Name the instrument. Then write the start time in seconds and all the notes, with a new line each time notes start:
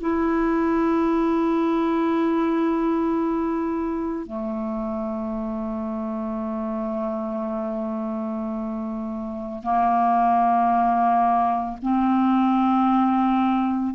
clarinet
0.00 E4
4.26 A3
9.63 A#3
11.81 C4